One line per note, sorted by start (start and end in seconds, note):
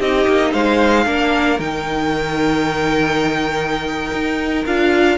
0.00 0.27 C4
0.00 1.06 D#4
0.00 0.52 G4
0.00 0.54 D#5
0.28 0.54 A#3
0.52 1.07 G#3
0.52 1.05 C5
0.52 1.60 F5
1.06 1.60 A#3
1.06 1.59 D4
1.06 5.18 A#4
1.60 4.12 D#3
1.60 4.65 D#4
1.60 4.65 G5
4.12 4.66 D#4
4.66 5.18 D4
4.66 5.18 F4
4.66 5.18 F5